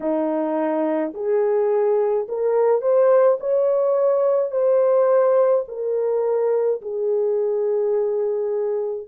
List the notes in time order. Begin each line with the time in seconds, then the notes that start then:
0.00 D#4
1.14 G#4
2.28 A#4
2.81 C5
3.40 C#5
4.51 C5
5.68 A#4
6.81 G#4